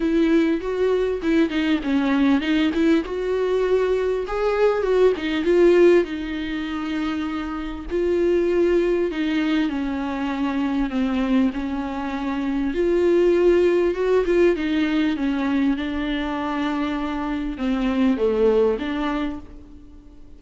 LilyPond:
\new Staff \with { instrumentName = "viola" } { \time 4/4 \tempo 4 = 99 e'4 fis'4 e'8 dis'8 cis'4 | dis'8 e'8 fis'2 gis'4 | fis'8 dis'8 f'4 dis'2~ | dis'4 f'2 dis'4 |
cis'2 c'4 cis'4~ | cis'4 f'2 fis'8 f'8 | dis'4 cis'4 d'2~ | d'4 c'4 a4 d'4 | }